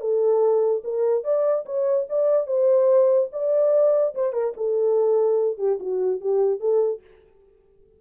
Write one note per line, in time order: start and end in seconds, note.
0.00 0.82 A4
0.84 1.24 A#4
1.24 1.65 D5
1.65 2.06 C#5
2.09 2.47 D5
2.47 3.29 C5
3.32 4.14 D5
4.15 4.33 C5
4.33 4.53 A#4
4.56 5.58 A4
5.58 5.79 G4
5.79 6.20 F#4
6.20 6.60 G4
6.60 7.01 A4